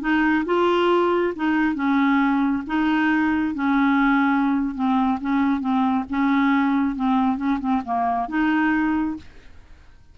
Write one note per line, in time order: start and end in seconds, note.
0.00 0.44 D#4
0.45 1.33 F4
1.35 1.75 D#4
1.75 2.63 C#4
2.66 3.54 D#4
3.54 4.74 C#4
4.74 5.18 C4
5.20 5.60 C#4
5.60 6.04 C4
6.09 6.95 C#4
6.95 7.36 C4
7.36 7.58 C#4
7.59 7.81 C4
7.84 8.28 A#3
8.28 9.16 D#4